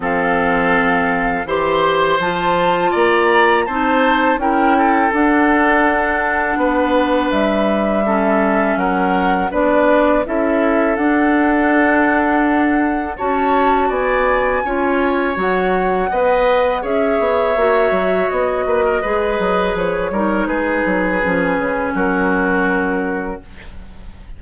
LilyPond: <<
  \new Staff \with { instrumentName = "flute" } { \time 4/4 \tempo 4 = 82 f''2 c'''4 a''4 | ais''4 a''4 g''4 fis''4~ | fis''2 e''2 | fis''4 d''4 e''4 fis''4~ |
fis''2 a''4 gis''4~ | gis''4 fis''2 e''4~ | e''4 dis''2 cis''4 | b'2 ais'2 | }
  \new Staff \with { instrumentName = "oboe" } { \time 4/4 a'2 c''2 | d''4 c''4 ais'8 a'4.~ | a'4 b'2 a'4 | ais'4 b'4 a'2~ |
a'2 cis''4 d''4 | cis''2 dis''4 cis''4~ | cis''4. b'16 ais'16 b'4. ais'8 | gis'2 fis'2 | }
  \new Staff \with { instrumentName = "clarinet" } { \time 4/4 c'2 g'4 f'4~ | f'4 dis'4 e'4 d'4~ | d'2. cis'4~ | cis'4 d'4 e'4 d'4~ |
d'2 fis'2 | f'4 fis'4 b'4 gis'4 | fis'2 gis'4. dis'8~ | dis'4 cis'2. | }
  \new Staff \with { instrumentName = "bassoon" } { \time 4/4 f2 e4 f4 | ais4 c'4 cis'4 d'4~ | d'4 b4 g2 | fis4 b4 cis'4 d'4~ |
d'2 cis'4 b4 | cis'4 fis4 b4 cis'8 b8 | ais8 fis8 b8 ais8 gis8 fis8 f8 g8 | gis8 fis8 f8 cis8 fis2 | }
>>